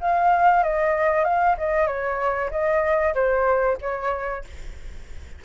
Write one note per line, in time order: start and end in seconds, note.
0.00 0.63 F5
0.63 1.24 D#5
1.24 1.56 F5
1.57 1.87 D#5
1.87 2.50 C#5
2.51 3.14 D#5
3.14 3.77 C5
3.81 4.44 C#5